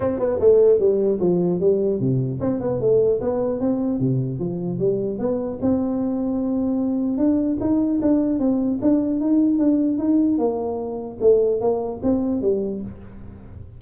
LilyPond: \new Staff \with { instrumentName = "tuba" } { \time 4/4 \tempo 4 = 150 c'8 b8 a4 g4 f4 | g4 c4 c'8 b8 a4 | b4 c'4 c4 f4 | g4 b4 c'2~ |
c'2 d'4 dis'4 | d'4 c'4 d'4 dis'4 | d'4 dis'4 ais2 | a4 ais4 c'4 g4 | }